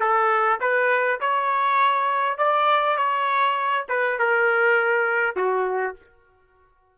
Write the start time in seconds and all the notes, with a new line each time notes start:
0.00 A4
0.60 B4
1.20 C#5
2.38 D5
2.97 C#5
3.89 B4
4.19 A#4
5.36 F#4